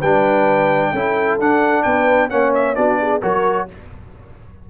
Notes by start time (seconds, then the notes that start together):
0.00 G3 D4 B4 G5
0.93 C#4 E4 A4
1.40 D4 F#5
1.83 B3 B4 G5
2.30 A#3 C#4 C#5 F#5
2.55 E5
2.75 B3 D4 F#4 D5
3.01 G#4
3.22 F#3 F#4 A#4 C#5